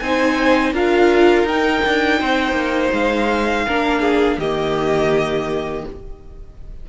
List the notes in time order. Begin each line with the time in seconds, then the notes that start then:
0.00 C4 D#4 C5 G#5
0.73 D4 F4 A#4 F5
1.44 D#4 G5
1.86 D4
2.20 C4 C5
2.52 A#3
2.93 G#3 F5
3.66 A#3 D4 A#4
4.01 G#4
4.38 D#3 A#3 G4 D#5